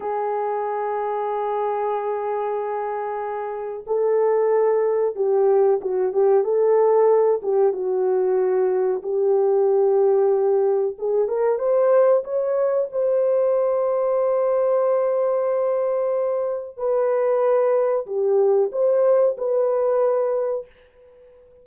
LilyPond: \new Staff \with { instrumentName = "horn" } { \time 4/4 \tempo 4 = 93 gis'1~ | gis'2 a'2 | g'4 fis'8 g'8 a'4. g'8 | fis'2 g'2~ |
g'4 gis'8 ais'8 c''4 cis''4 | c''1~ | c''2 b'2 | g'4 c''4 b'2 | }